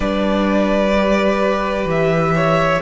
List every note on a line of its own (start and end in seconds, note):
0.00 1.85 G3
0.00 0.91 D4
0.00 2.34 B4
0.00 1.87 D5
0.96 2.81 G4
1.85 2.79 E3
1.85 2.81 E5
2.35 2.81 C#5